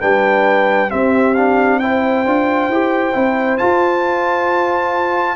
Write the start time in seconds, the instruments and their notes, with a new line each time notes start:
0.00 tuba G3, trombone D4, horn B4, trumpet G5
0.89 trombone C4, tuba C4, horn G4, trumpet E5
1.34 trombone D4, trumpet F5
1.79 trombone E4, horn C5, trumpet G5
2.26 tuba D4, trombone F4
2.69 tuba E4, trombone G4
3.13 tuba C4, trombone E4
3.58 trombone F4, tuba F4, trumpet A5